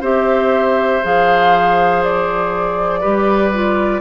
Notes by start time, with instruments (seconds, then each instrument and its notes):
0.00 bassoon C4, clarinet G4, oboe C5, flute E5
1.03 bassoon F3, clarinet G#4, flute F5
2.03 flute D5
3.00 bassoon G3, clarinet G4, oboe B4
3.53 clarinet F4